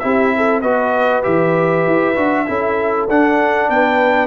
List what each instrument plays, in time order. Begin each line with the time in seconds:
0.00 tuba C4, trombone E4, horn G4, trumpet E5
0.37 horn A4
0.62 tuba B3, trombone F#4, horn B4, trumpet D#5
1.24 tuba E3, trombone G4, trumpet E5
1.87 tuba E4
2.16 tuba D4, trombone F#4
2.47 tuba C#4, trombone E4, horn A4
3.09 tuba D4, trombone D4, trumpet F#5
3.70 tuba B3, horn B4, trumpet G5